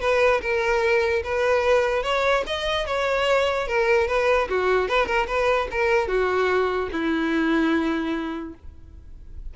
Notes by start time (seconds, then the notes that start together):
0.00 B4
0.41 A#4
1.24 B4
2.03 C#5
2.46 D#5
2.86 C#5
3.67 A#4
4.07 B4
4.49 F#4
4.89 B4
5.06 A#4
5.27 B4
5.71 A#4
6.08 F#4
6.92 E4